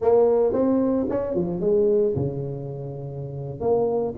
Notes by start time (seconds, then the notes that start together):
0.01 A#3
0.53 C4
1.09 C#4
1.34 F3
1.60 G#3
2.15 C#3
3.60 A#3